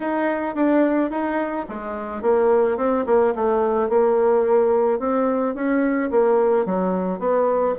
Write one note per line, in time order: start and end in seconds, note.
0.00 0.55 D#4
0.55 1.10 D4
1.10 1.65 D#4
1.68 2.21 G#3
2.21 2.77 A#3
2.77 3.05 C4
3.06 3.34 A#3
3.35 3.89 A3
3.89 4.99 A#3
4.99 5.54 C4
5.54 6.10 C#4
6.10 6.65 A#3
6.65 7.19 F#3
7.19 7.74 B3